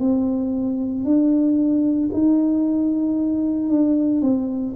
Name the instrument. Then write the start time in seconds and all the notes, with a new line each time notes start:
tuba
0.00 C4
1.05 D4
2.13 D#4
3.69 D4
4.22 C4